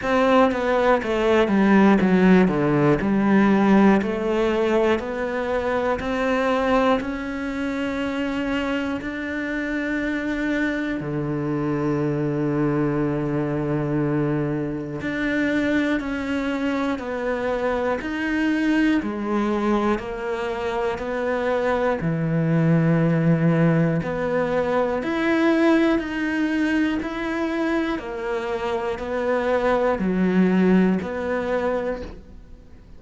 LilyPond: \new Staff \with { instrumentName = "cello" } { \time 4/4 \tempo 4 = 60 c'8 b8 a8 g8 fis8 d8 g4 | a4 b4 c'4 cis'4~ | cis'4 d'2 d4~ | d2. d'4 |
cis'4 b4 dis'4 gis4 | ais4 b4 e2 | b4 e'4 dis'4 e'4 | ais4 b4 fis4 b4 | }